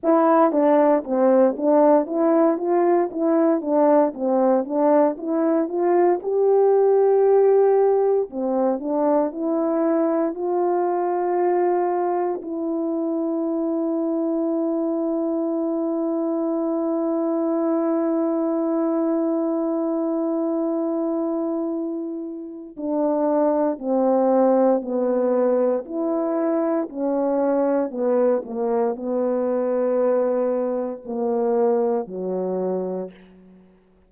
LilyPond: \new Staff \with { instrumentName = "horn" } { \time 4/4 \tempo 4 = 58 e'8 d'8 c'8 d'8 e'8 f'8 e'8 d'8 | c'8 d'8 e'8 f'8 g'2 | c'8 d'8 e'4 f'2 | e'1~ |
e'1~ | e'2 d'4 c'4 | b4 e'4 cis'4 b8 ais8 | b2 ais4 fis4 | }